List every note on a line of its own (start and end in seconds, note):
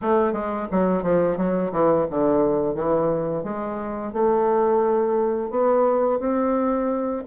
0.01 0.32 A3
0.32 0.67 G#3
0.71 1.03 F#3
1.03 1.37 F3
1.37 1.71 F#3
1.71 2.06 E3
2.10 2.75 D3
2.75 3.43 E3
3.43 4.12 G#3
4.12 5.50 A3
5.50 6.19 B3
6.19 7.23 C4